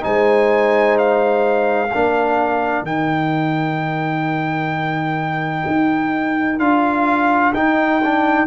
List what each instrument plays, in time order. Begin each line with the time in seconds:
0.00 tuba G#3, trombone D#4, horn C5, trumpet G#5
0.98 trumpet F5
1.92 tuba A#3, trombone D4, horn A#4
2.82 tuba D#3, trombone D#4, trumpet G5
5.67 tuba D#4
6.59 tuba D4, trombone F4, trumpet F5
7.53 tuba D#4, trombone D#4, trumpet G5
8.04 trombone D4